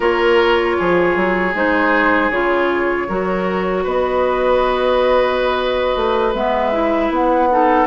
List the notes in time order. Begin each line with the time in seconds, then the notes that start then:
0.00 A#3 F4 A#4 C#5
0.78 F3 G#4
1.16 F#3
1.54 G#3 D#4 C5
2.30 C#3 F4 C#5
3.08 F#3 F#4 A#4
3.83 B3 B4 D#5
5.96 A3
6.34 G#3 B3 E5
6.72 E4
7.10 B3 F#5
7.50 D#4 A4